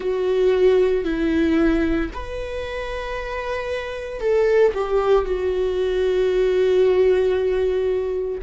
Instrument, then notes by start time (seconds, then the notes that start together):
viola
0.00 F#4
1.04 E4
2.13 B4
4.20 A4
4.74 G4
5.25 F#4